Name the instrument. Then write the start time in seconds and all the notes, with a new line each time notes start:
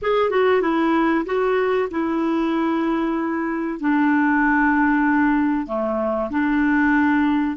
clarinet
0.02 G#4
0.30 F#4
0.61 E4
1.25 F#4
1.90 E4
3.80 D4
5.66 A3
6.30 D4